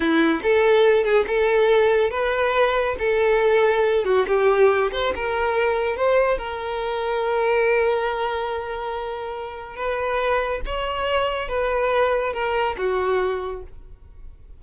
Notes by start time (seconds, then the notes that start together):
0.00 E4
0.42 A4
1.03 G#4
1.27 A4
2.10 B4
2.99 A4
4.04 F#4
4.27 G4
4.92 C5
5.15 A#4
5.96 C5
6.38 A#4
9.75 B4
10.65 C#5
11.48 B4
12.33 A#4
12.77 F#4